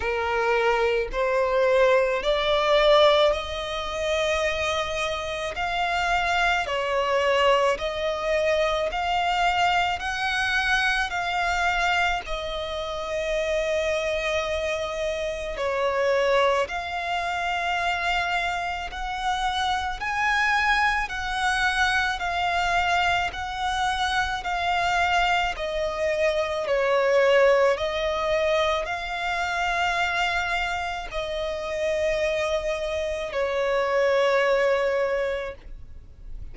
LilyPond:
\new Staff \with { instrumentName = "violin" } { \time 4/4 \tempo 4 = 54 ais'4 c''4 d''4 dis''4~ | dis''4 f''4 cis''4 dis''4 | f''4 fis''4 f''4 dis''4~ | dis''2 cis''4 f''4~ |
f''4 fis''4 gis''4 fis''4 | f''4 fis''4 f''4 dis''4 | cis''4 dis''4 f''2 | dis''2 cis''2 | }